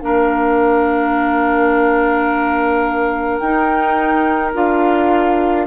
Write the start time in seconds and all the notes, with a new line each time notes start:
0.00 A#3 D4 A#4 F5
3.38 D#4 G5
4.54 D4 F4 F5